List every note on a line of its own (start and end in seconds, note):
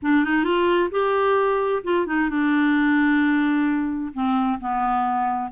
0.02 0.24 D4
0.24 0.44 D#4
0.44 0.89 F4
0.91 1.83 G4
1.83 2.06 F4
2.06 2.29 D#4
2.29 4.12 D4
4.13 4.59 C4
4.60 5.52 B3